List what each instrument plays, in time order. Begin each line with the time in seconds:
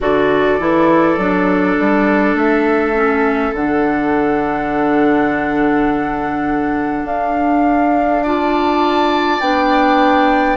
0.00 bassoon D3, clarinet F#4, oboe A4, flute D5
0.59 bassoon E3, clarinet E4
1.17 bassoon F#3, clarinet D4
1.79 bassoon G3
2.34 bassoon A3, flute E5
2.94 clarinet C#4
3.53 bassoon D3, clarinet D4, flute F#5
7.03 bassoon D4, flute F5
8.23 clarinet F4, oboe D5, flute A5
9.39 bassoon B3, clarinet D4, flute G5